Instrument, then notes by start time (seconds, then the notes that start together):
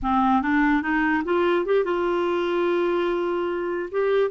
clarinet
0.02 C4
0.42 D4
0.81 D#4
1.24 F4
1.65 G4
1.84 F4
3.91 G4